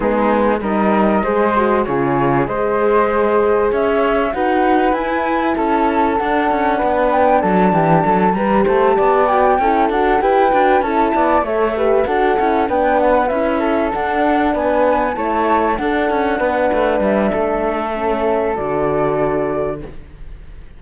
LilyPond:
<<
  \new Staff \with { instrumentName = "flute" } { \time 4/4 \tempo 4 = 97 gis'4 dis''2 cis''4 | dis''2 e''4 fis''4 | gis''4 a''4 fis''4. g''8 | a''4. ais''8 a''4 g''4 |
fis''8 g''4 a''4 e''4 fis''8~ | fis''8 g''8 fis''8 e''4 fis''4 gis''8~ | gis''8 a''4 fis''2 e''8~ | e''2 d''2 | }
  \new Staff \with { instrumentName = "flute" } { \time 4/4 dis'4 ais'4 c''4 gis'4 | c''2 cis''4 b'4~ | b'4 a'2 b'4 | a'8 g'8 a'8 b'8 c''8 d''4 a'8~ |
a'8 b'4 a'8 d''8 cis''8 b'8 a'8~ | a'8 b'4. a'4. b'8~ | b'8 cis''4 a'4 b'4. | a'1 | }
  \new Staff \with { instrumentName = "horn" } { \time 4/4 b4 dis'4 gis'8 fis'8 f'4 | gis'2. fis'4 | e'2 d'2~ | d'4. g'4. fis'8 e'8 |
fis'8 g'8 fis'8 e'4 a'8 g'8 fis'8 | e'8 d'4 e'4 d'4.~ | d'8 e'4 d'2~ d'8~ | d'4 cis'4 fis'2 | }
  \new Staff \with { instrumentName = "cello" } { \time 4/4 gis4 g4 gis4 cis4 | gis2 cis'4 dis'4 | e'4 cis'4 d'8 cis'8 b4 | fis8 e8 fis8 g8 a8 b4 cis'8 |
d'8 e'8 d'8 cis'8 b8 a4 d'8 | cis'8 b4 cis'4 d'4 b8~ | b8 a4 d'8 cis'8 b8 a8 g8 | a2 d2 | }
>>